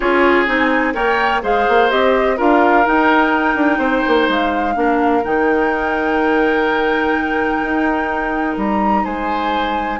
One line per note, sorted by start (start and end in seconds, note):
0.00 0.47 C#4
0.00 0.46 F4
0.00 0.93 G#4
0.00 0.45 C#5
0.46 0.94 C4
0.46 0.93 D#4
0.46 0.94 G#5
0.93 1.41 A#3
0.93 1.41 A#4
0.93 1.42 C#5
0.93 1.42 G5
1.42 1.67 G#3
1.42 1.89 G#4
1.42 2.37 C5
1.42 1.90 F5
1.68 1.91 A#3
1.89 2.39 C4
1.89 2.37 G4
1.89 2.38 D#5
2.37 2.86 D4
2.37 2.85 F4
2.37 3.78 A#4
2.37 2.86 F5
2.85 4.74 D#4
2.85 3.55 D#4
2.85 4.29 G5
3.55 3.78 D4
3.78 4.02 C4
3.78 4.73 C5
4.07 4.28 A#3
4.28 4.76 G#3
4.28 5.24 F5
4.74 5.23 A#3
4.74 5.22 D4
4.74 9.04 A#4
5.23 7.62 D#3
5.23 9.99 D#4
5.23 8.57 G5
7.62 8.56 D#4
8.56 9.04 G3
8.56 9.05 A#5
9.04 9.99 G#3
9.04 9.99 C5
9.04 9.99 G#5